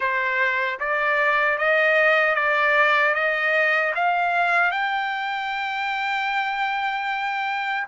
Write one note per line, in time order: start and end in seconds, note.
0.00 0.79 C5
0.79 1.58 D5
1.58 2.35 D#5
2.35 3.14 D5
3.14 3.93 D#5
3.95 4.71 F5
4.71 7.87 G5